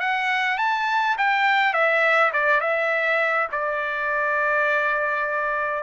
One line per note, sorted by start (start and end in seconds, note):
0.00 0.58 F#5
0.58 1.17 A5
1.18 1.73 G5
1.73 2.32 E5
2.33 2.61 D5
2.61 3.48 E5
3.52 5.84 D5